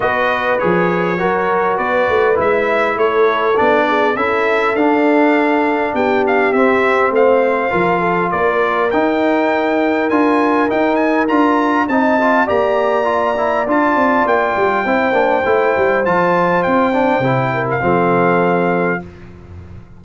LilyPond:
<<
  \new Staff \with { instrumentName = "trumpet" } { \time 4/4 \tempo 4 = 101 dis''4 cis''2 d''4 | e''4 cis''4 d''4 e''4 | f''2 g''8 f''8 e''4 | f''2 d''4 g''4~ |
g''4 gis''4 g''8 gis''8 ais''4 | a''4 ais''2 a''4 | g''2. a''4 | g''4.~ g''16 f''2~ f''16 | }
  \new Staff \with { instrumentName = "horn" } { \time 4/4 b'2 ais'4 b'4~ | b'4 a'4. gis'8 a'4~ | a'2 g'2 | c''4 ais'8 a'8 ais'2~ |
ais'1 | dis''4 d''2.~ | d''4 c''2.~ | c''4. ais'8 a'2 | }
  \new Staff \with { instrumentName = "trombone" } { \time 4/4 fis'4 gis'4 fis'2 | e'2 d'4 e'4 | d'2. c'4~ | c'4 f'2 dis'4~ |
dis'4 f'4 dis'4 f'4 | dis'8 f'8 g'4 f'8 e'8 f'4~ | f'4 e'8 d'8 e'4 f'4~ | f'8 d'8 e'4 c'2 | }
  \new Staff \with { instrumentName = "tuba" } { \time 4/4 b4 f4 fis4 b8 a8 | gis4 a4 b4 cis'4 | d'2 b4 c'4 | a4 f4 ais4 dis'4~ |
dis'4 d'4 dis'4 d'4 | c'4 ais2 d'8 c'8 | ais8 g8 c'8 ais8 a8 g8 f4 | c'4 c4 f2 | }
>>